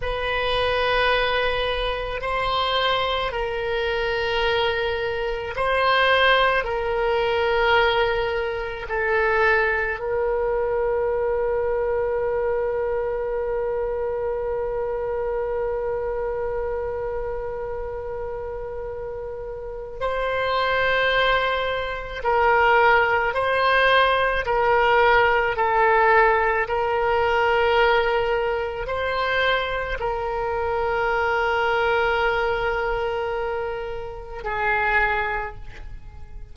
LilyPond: \new Staff \with { instrumentName = "oboe" } { \time 4/4 \tempo 4 = 54 b'2 c''4 ais'4~ | ais'4 c''4 ais'2 | a'4 ais'2.~ | ais'1~ |
ais'2 c''2 | ais'4 c''4 ais'4 a'4 | ais'2 c''4 ais'4~ | ais'2. gis'4 | }